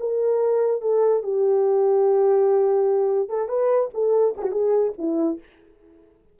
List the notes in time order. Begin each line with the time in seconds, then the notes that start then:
0.00 A#4
0.82 A4
1.23 G4
3.29 A4
3.49 B4
3.94 A4
4.37 F#4 G#4
4.52 G#4
4.98 E4